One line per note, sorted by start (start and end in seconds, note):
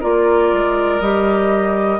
0.00 0.52 A#3
0.00 1.01 F4
0.00 2.00 A#4
0.00 1.00 D5
0.52 1.00 G#3
1.00 2.00 G3
1.00 2.00 G4
1.00 2.00 D#5